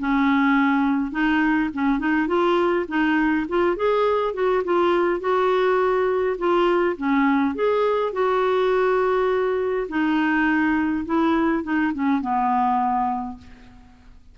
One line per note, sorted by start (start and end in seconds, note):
0.00 1.12 C#4
1.12 1.70 D#4
1.74 1.99 C#4
1.99 2.28 D#4
2.28 2.86 F4
2.89 3.47 D#4
3.49 3.77 F4
3.77 4.34 G#4
4.34 4.63 F#4
4.65 5.21 F4
5.21 6.37 F#4
6.39 6.97 F4
6.97 7.55 C#4
7.55 8.13 G#4
8.13 9.88 F#4
9.89 11.05 D#4
11.06 11.64 E4
11.64 11.93 D#4
11.94 12.22 C#4
12.22 13.38 B3